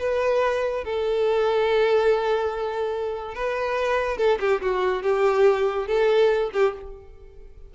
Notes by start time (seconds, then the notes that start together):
0.00 B4
0.85 A4
3.35 B4
4.18 A4
4.40 G4
4.62 F#4
5.03 G4
5.88 A4
6.54 G4